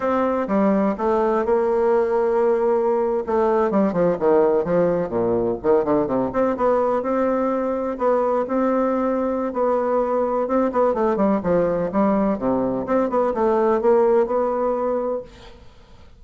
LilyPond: \new Staff \with { instrumentName = "bassoon" } { \time 4/4 \tempo 4 = 126 c'4 g4 a4 ais4~ | ais2~ ais8. a4 g16~ | g16 f8 dis4 f4 ais,4 dis16~ | dis16 d8 c8 c'8 b4 c'4~ c'16~ |
c'8. b4 c'2~ c'16 | b2 c'8 b8 a8 g8 | f4 g4 c4 c'8 b8 | a4 ais4 b2 | }